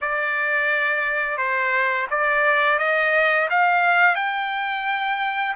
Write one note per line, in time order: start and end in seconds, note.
0.01 1.37 D5
1.37 2.07 C5
2.10 2.78 D5
2.78 3.48 D#5
3.49 4.15 F5
4.15 5.54 G5